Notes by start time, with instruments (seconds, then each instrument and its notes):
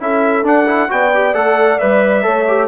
0.00 bassoon C#4, trombone E4, horn A4, trumpet E5
0.43 trombone D4, bassoon D4, trumpet F#5
0.66 trombone E4
0.89 bassoon B3, trombone F#4, horn D5, trumpet G5
1.14 trombone G4
1.33 bassoon A3, trombone A4, trumpet F#5
1.78 bassoon G3, trombone B4, trumpet E5
2.22 bassoon A3, trombone A4, horn C#5
2.48 trombone G4